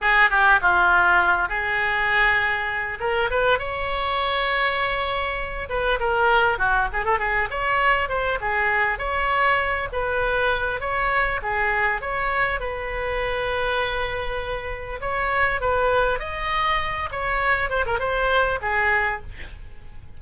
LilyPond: \new Staff \with { instrumentName = "oboe" } { \time 4/4 \tempo 4 = 100 gis'8 g'8 f'4. gis'4.~ | gis'4 ais'8 b'8 cis''2~ | cis''4. b'8 ais'4 fis'8 gis'16 a'16 | gis'8 cis''4 c''8 gis'4 cis''4~ |
cis''8 b'4. cis''4 gis'4 | cis''4 b'2.~ | b'4 cis''4 b'4 dis''4~ | dis''8 cis''4 c''16 ais'16 c''4 gis'4 | }